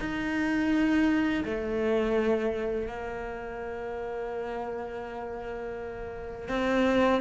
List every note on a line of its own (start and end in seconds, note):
0.00 1.45 D#4
1.46 2.88 A3
2.88 6.49 A#3
6.49 7.21 C4